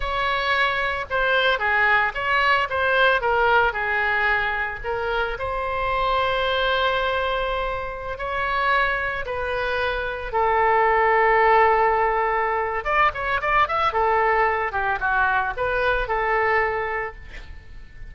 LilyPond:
\new Staff \with { instrumentName = "oboe" } { \time 4/4 \tempo 4 = 112 cis''2 c''4 gis'4 | cis''4 c''4 ais'4 gis'4~ | gis'4 ais'4 c''2~ | c''2.~ c''16 cis''8.~ |
cis''4~ cis''16 b'2 a'8.~ | a'1 | d''8 cis''8 d''8 e''8 a'4. g'8 | fis'4 b'4 a'2 | }